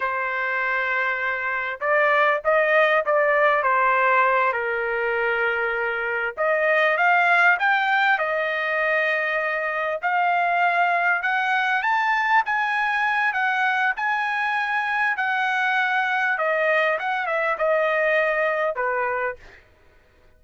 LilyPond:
\new Staff \with { instrumentName = "trumpet" } { \time 4/4 \tempo 4 = 99 c''2. d''4 | dis''4 d''4 c''4. ais'8~ | ais'2~ ais'8 dis''4 f''8~ | f''8 g''4 dis''2~ dis''8~ |
dis''8 f''2 fis''4 a''8~ | a''8 gis''4. fis''4 gis''4~ | gis''4 fis''2 dis''4 | fis''8 e''8 dis''2 b'4 | }